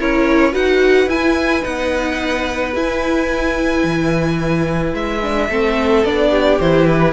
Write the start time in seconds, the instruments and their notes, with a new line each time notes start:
0.00 cello C#4, viola E4, violin A#4 C#5
0.52 cello D#4, viola F#4, violin B4 F#5
1.07 cello E4, viola E4, violin G#5
1.62 cello B3, viola D#4, violin F#5
2.75 cello E4, viola E4, violin G#5
3.84 cello E3
4.94 cello G#3, violin E5
5.23 viola D4
5.49 cello A3, viola C4, violin A4
6.05 cello B3, viola D4, violin D5
6.31 violin G4
6.60 cello E3, viola E4, violin C5
6.87 violin B4